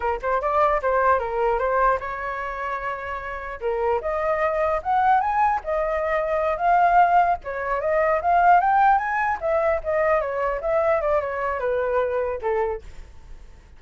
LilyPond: \new Staff \with { instrumentName = "flute" } { \time 4/4 \tempo 4 = 150 ais'8 c''8 d''4 c''4 ais'4 | c''4 cis''2.~ | cis''4 ais'4 dis''2 | fis''4 gis''4 dis''2~ |
dis''8 f''2 cis''4 dis''8~ | dis''8 f''4 g''4 gis''4 e''8~ | e''8 dis''4 cis''4 e''4 d''8 | cis''4 b'2 a'4 | }